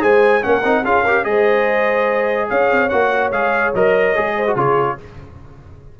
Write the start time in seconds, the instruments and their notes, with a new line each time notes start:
0.00 tuba G#3, trombone G#4, horn C5, trumpet G#5
0.42 tuba A#3, trombone C#4, horn A#4, trumpet F#5
0.64 tuba C4, trombone D#4
0.83 tuba C#4, trombone F4, horn G#4, trumpet F5
1.03 trombone G4, horn A#4
1.23 tuba G#3, trombone G#4, horn C5, trumpet D#5
2.49 tuba C#4, horn C#5, trumpet F5
2.70 tuba C4
2.89 tuba A#3, trombone F#4, trumpet F#5
3.31 tuba G#3, trombone G#4, trumpet F5
3.74 tuba F#3, trombone A#4, trumpet D#5
4.16 tuba G#3, trombone G#4
4.37 horn C5
4.47 trombone F#4
4.55 tuba C#3, trombone F4, horn G#4, trumpet C#5